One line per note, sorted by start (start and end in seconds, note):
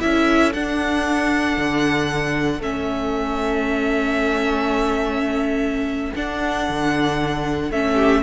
0.00 0.55 C#4
0.00 0.52 E4
0.00 7.94 A4
0.00 0.52 E5
0.53 2.62 D4
0.53 1.57 D4
0.53 2.62 F#5
1.57 2.61 D3
2.61 6.13 A3
2.61 6.14 C#4
2.61 6.14 E5
6.16 6.68 D4
6.16 7.72 D4
6.16 7.72 F#5
6.69 7.70 D3
7.70 8.23 A3
7.70 8.23 C#4
7.70 8.23 E5
7.94 8.20 G4